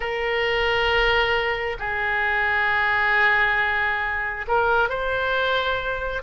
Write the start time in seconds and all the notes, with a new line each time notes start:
0.00 A#4
1.79 G#4
4.47 A#4
4.89 C5